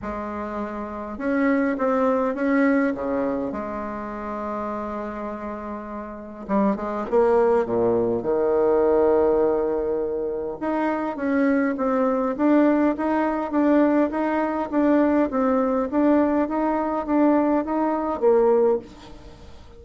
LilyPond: \new Staff \with { instrumentName = "bassoon" } { \time 4/4 \tempo 4 = 102 gis2 cis'4 c'4 | cis'4 cis4 gis2~ | gis2. g8 gis8 | ais4 ais,4 dis2~ |
dis2 dis'4 cis'4 | c'4 d'4 dis'4 d'4 | dis'4 d'4 c'4 d'4 | dis'4 d'4 dis'4 ais4 | }